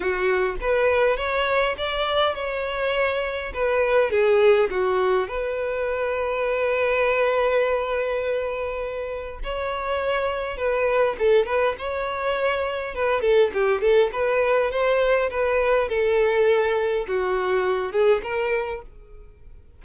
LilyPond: \new Staff \with { instrumentName = "violin" } { \time 4/4 \tempo 4 = 102 fis'4 b'4 cis''4 d''4 | cis''2 b'4 gis'4 | fis'4 b'2.~ | b'1 |
cis''2 b'4 a'8 b'8 | cis''2 b'8 a'8 g'8 a'8 | b'4 c''4 b'4 a'4~ | a'4 fis'4. gis'8 ais'4 | }